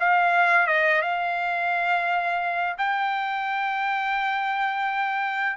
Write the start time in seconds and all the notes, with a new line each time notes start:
0.00 F5
0.67 D#5
1.02 F5
2.78 G5